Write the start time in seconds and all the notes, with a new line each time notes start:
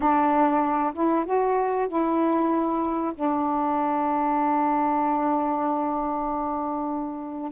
0.00 D4
0.93 E4
1.25 F#4
1.88 E4
3.14 D4